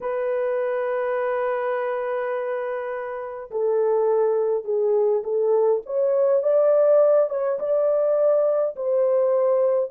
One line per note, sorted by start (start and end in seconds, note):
0.01 3.50 B4
3.50 4.64 A4
4.64 5.22 G#4
5.23 5.81 A4
5.85 6.42 C#5
6.42 7.29 D5
7.29 7.59 C#5
7.59 8.75 D5
8.75 9.90 C5